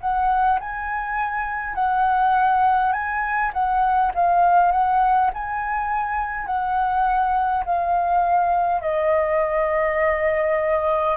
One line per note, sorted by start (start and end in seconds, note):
0.00 0.59 F#5
0.59 1.74 G#5
1.74 2.92 F#5
2.92 3.51 G#5
3.53 4.12 F#5
4.14 4.71 F5
4.71 5.30 F#5
5.33 6.46 G#5
6.46 7.64 F#5
7.65 8.81 F5
8.81 11.16 D#5